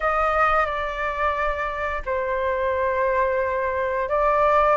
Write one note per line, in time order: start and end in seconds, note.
0.00 0.66 D#5
0.66 2.02 D5
2.05 4.08 C5
4.08 4.76 D5